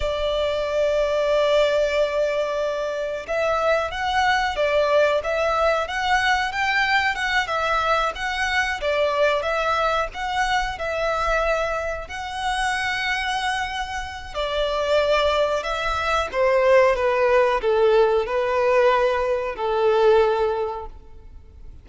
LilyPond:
\new Staff \with { instrumentName = "violin" } { \time 4/4 \tempo 4 = 92 d''1~ | d''4 e''4 fis''4 d''4 | e''4 fis''4 g''4 fis''8 e''8~ | e''8 fis''4 d''4 e''4 fis''8~ |
fis''8 e''2 fis''4.~ | fis''2 d''2 | e''4 c''4 b'4 a'4 | b'2 a'2 | }